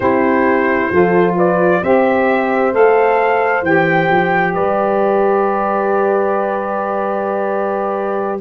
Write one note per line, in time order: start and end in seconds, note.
0.00 0.90 C4
0.00 0.91 E4
0.00 0.91 G4
0.00 1.34 C5
0.91 1.81 F3
0.91 1.83 F4
0.91 1.36 A4
1.36 1.82 B4
1.36 1.83 D5
1.82 2.73 C4
1.82 2.72 G4
1.82 4.54 C5
1.82 2.74 E5
2.72 3.62 A3
2.72 3.63 A4
2.72 3.65 F5
3.62 4.08 E3
3.62 8.40 G4
3.62 4.54 G5
4.10 4.55 F3
4.54 8.40 G3
4.54 8.40 B4
4.54 8.40 D5